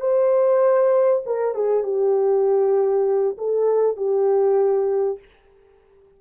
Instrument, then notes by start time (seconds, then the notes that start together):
horn
0.00 C5
1.26 A#4
1.54 G#4
1.83 G4
3.38 A4
3.96 G4